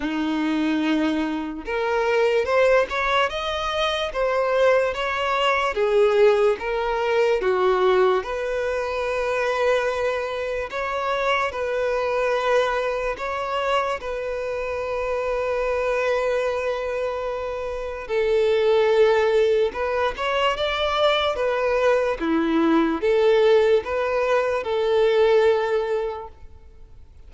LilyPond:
\new Staff \with { instrumentName = "violin" } { \time 4/4 \tempo 4 = 73 dis'2 ais'4 c''8 cis''8 | dis''4 c''4 cis''4 gis'4 | ais'4 fis'4 b'2~ | b'4 cis''4 b'2 |
cis''4 b'2.~ | b'2 a'2 | b'8 cis''8 d''4 b'4 e'4 | a'4 b'4 a'2 | }